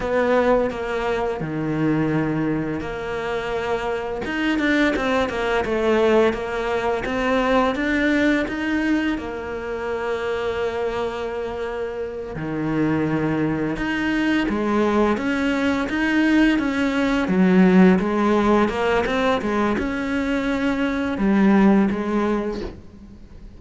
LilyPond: \new Staff \with { instrumentName = "cello" } { \time 4/4 \tempo 4 = 85 b4 ais4 dis2 | ais2 dis'8 d'8 c'8 ais8 | a4 ais4 c'4 d'4 | dis'4 ais2.~ |
ais4. dis2 dis'8~ | dis'8 gis4 cis'4 dis'4 cis'8~ | cis'8 fis4 gis4 ais8 c'8 gis8 | cis'2 g4 gis4 | }